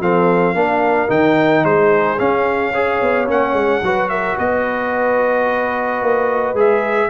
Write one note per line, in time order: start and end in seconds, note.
0.00 0.54 F3
0.00 0.55 C4
0.00 0.55 A4
0.00 1.10 F5
0.54 1.09 A#3
0.54 1.08 D4
0.54 1.64 A#4
1.08 1.64 D#3
1.08 2.17 D#4
1.08 1.65 G5
1.64 2.18 G#3
1.64 2.72 G#4
1.64 2.19 C5
2.19 2.73 C#4
2.19 3.01 C#4
2.19 3.28 F5
2.72 3.27 G#4
2.72 3.81 C#5
3.02 3.28 B3
3.27 3.53 A#3
3.27 3.81 C#4
3.27 4.09 F#5
3.53 3.80 G#3
3.82 4.37 F#3
3.82 6.56 F#4
3.82 4.10 B4
4.09 4.37 A#4
4.09 4.36 E5
4.37 6.02 B3
4.37 7.09 B4
4.37 6.57 D#5
6.02 6.54 A#3
6.54 7.08 G#3
6.54 7.09 G#4
6.54 7.09 E5